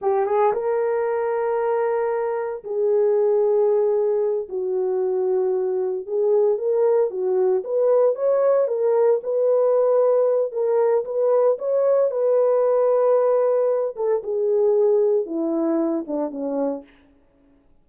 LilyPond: \new Staff \with { instrumentName = "horn" } { \time 4/4 \tempo 4 = 114 g'8 gis'8 ais'2.~ | ais'4 gis'2.~ | gis'8 fis'2. gis'8~ | gis'8 ais'4 fis'4 b'4 cis''8~ |
cis''8 ais'4 b'2~ b'8 | ais'4 b'4 cis''4 b'4~ | b'2~ b'8 a'8 gis'4~ | gis'4 e'4. d'8 cis'4 | }